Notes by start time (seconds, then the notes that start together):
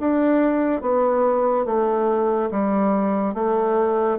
0.00 D4
0.81 B3
1.65 A3
2.51 G3
3.34 A3